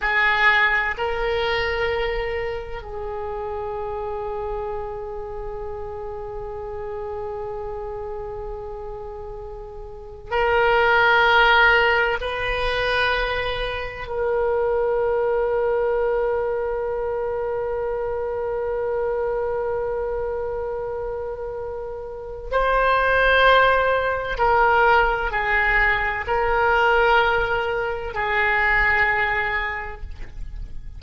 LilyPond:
\new Staff \with { instrumentName = "oboe" } { \time 4/4 \tempo 4 = 64 gis'4 ais'2 gis'4~ | gis'1~ | gis'2. ais'4~ | ais'4 b'2 ais'4~ |
ais'1~ | ais'1 | c''2 ais'4 gis'4 | ais'2 gis'2 | }